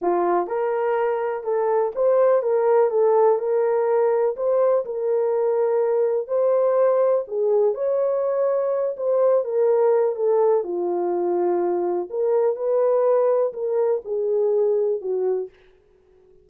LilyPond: \new Staff \with { instrumentName = "horn" } { \time 4/4 \tempo 4 = 124 f'4 ais'2 a'4 | c''4 ais'4 a'4 ais'4~ | ais'4 c''4 ais'2~ | ais'4 c''2 gis'4 |
cis''2~ cis''8 c''4 ais'8~ | ais'4 a'4 f'2~ | f'4 ais'4 b'2 | ais'4 gis'2 fis'4 | }